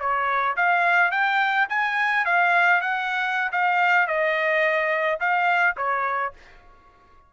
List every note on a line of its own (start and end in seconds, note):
0.00 0.56 C#5
0.57 1.12 F5
1.12 1.68 G5
1.69 2.25 G#5
2.25 2.81 F5
2.81 3.51 F#5
3.52 4.08 F5
4.08 5.20 D#5
5.20 5.76 F5
5.77 6.33 C#5